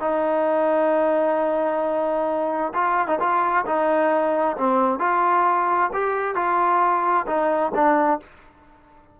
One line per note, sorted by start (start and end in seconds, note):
0.00 2.73 D#4
2.74 3.07 F4
3.07 3.19 D#4
3.20 3.65 F4
3.66 4.57 D#4
4.57 4.99 C4
4.99 5.90 F4
5.93 6.35 G4
6.35 7.26 F4
7.27 7.72 D#4
7.75 8.20 D4